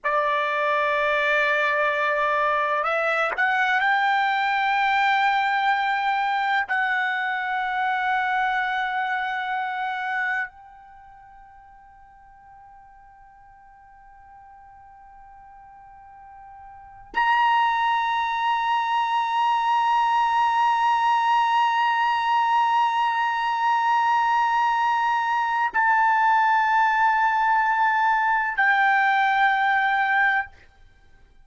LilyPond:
\new Staff \with { instrumentName = "trumpet" } { \time 4/4 \tempo 4 = 63 d''2. e''8 fis''8 | g''2. fis''4~ | fis''2. g''4~ | g''1~ |
g''2 ais''2~ | ais''1~ | ais''2. a''4~ | a''2 g''2 | }